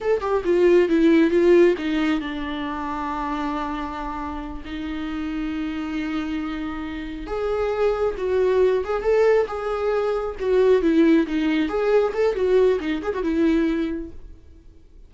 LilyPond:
\new Staff \with { instrumentName = "viola" } { \time 4/4 \tempo 4 = 136 a'8 g'8 f'4 e'4 f'4 | dis'4 d'2.~ | d'2~ d'8 dis'4.~ | dis'1~ |
dis'8 gis'2 fis'4. | gis'8 a'4 gis'2 fis'8~ | fis'8 e'4 dis'4 gis'4 a'8 | fis'4 dis'8 gis'16 fis'16 e'2 | }